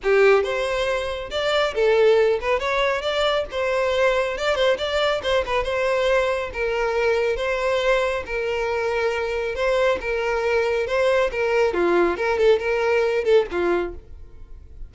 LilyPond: \new Staff \with { instrumentName = "violin" } { \time 4/4 \tempo 4 = 138 g'4 c''2 d''4 | a'4. b'8 cis''4 d''4 | c''2 d''8 c''8 d''4 | c''8 b'8 c''2 ais'4~ |
ais'4 c''2 ais'4~ | ais'2 c''4 ais'4~ | ais'4 c''4 ais'4 f'4 | ais'8 a'8 ais'4. a'8 f'4 | }